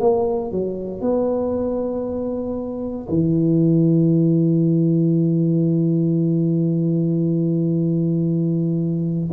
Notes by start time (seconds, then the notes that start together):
0.00 A#3
0.51 F#3
1.01 B3
3.08 E3